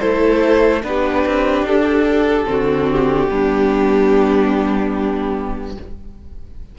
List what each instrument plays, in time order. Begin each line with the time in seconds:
0.00 cello A3, viola E4, violin A4 C5
0.83 cello B3, viola D4, violin G4 B4
1.27 cello C4
1.63 cello D4, violin A4
2.46 cello D3, viola C4, violin F#4
2.91 violin G4
3.29 cello G3, viola B3, violin D4